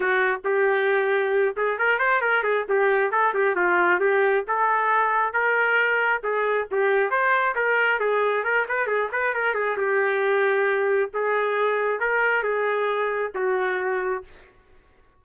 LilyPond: \new Staff \with { instrumentName = "trumpet" } { \time 4/4 \tempo 4 = 135 fis'4 g'2~ g'8 gis'8 | ais'8 c''8 ais'8 gis'8 g'4 a'8 g'8 | f'4 g'4 a'2 | ais'2 gis'4 g'4 |
c''4 ais'4 gis'4 ais'8 b'8 | gis'8 b'8 ais'8 gis'8 g'2~ | g'4 gis'2 ais'4 | gis'2 fis'2 | }